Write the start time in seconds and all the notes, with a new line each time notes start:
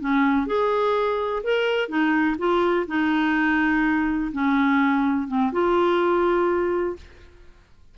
0.00 C#4
0.46 G#4
1.43 A#4
1.88 D#4
2.38 F4
2.87 D#4
4.32 C#4
5.28 C4
5.52 F4